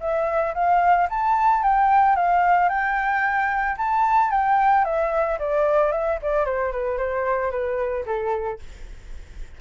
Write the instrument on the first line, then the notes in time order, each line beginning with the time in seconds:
flute
0.00 E5
0.54 F5
1.09 A5
1.63 G5
2.15 F5
2.69 G5
3.77 A5
4.31 G5
4.84 E5
5.39 D5
5.91 E5
6.22 D5
6.45 C5
6.71 B4
6.97 C5
7.51 B4
8.05 A4